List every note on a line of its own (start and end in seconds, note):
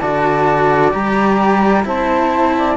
0.00 0.94 D3
0.00 0.92 F#4
0.00 1.85 D5
0.00 0.92 A5
0.92 1.86 G3
0.92 1.84 G4
0.92 1.86 A#5
1.84 2.77 C4
1.84 2.76 E4
1.84 2.56 C5
1.84 2.77 A5
2.58 2.77 D5